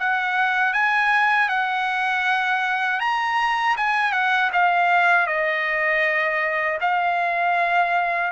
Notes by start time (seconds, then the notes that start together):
0.00 F#5
0.73 G#5
1.49 F#5
3.00 A#5
3.77 G#5
4.13 F#5
4.53 F5
5.27 D#5
6.81 F5